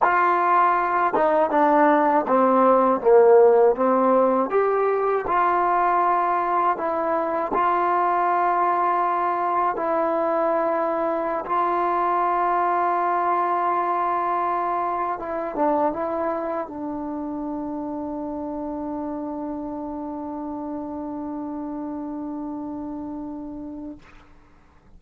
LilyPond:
\new Staff \with { instrumentName = "trombone" } { \time 4/4 \tempo 4 = 80 f'4. dis'8 d'4 c'4 | ais4 c'4 g'4 f'4~ | f'4 e'4 f'2~ | f'4 e'2~ e'16 f'8.~ |
f'1~ | f'16 e'8 d'8 e'4 d'4.~ d'16~ | d'1~ | d'1 | }